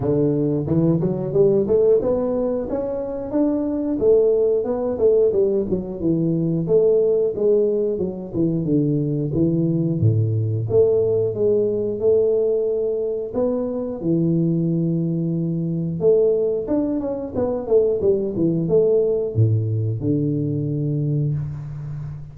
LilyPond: \new Staff \with { instrumentName = "tuba" } { \time 4/4 \tempo 4 = 90 d4 e8 fis8 g8 a8 b4 | cis'4 d'4 a4 b8 a8 | g8 fis8 e4 a4 gis4 | fis8 e8 d4 e4 a,4 |
a4 gis4 a2 | b4 e2. | a4 d'8 cis'8 b8 a8 g8 e8 | a4 a,4 d2 | }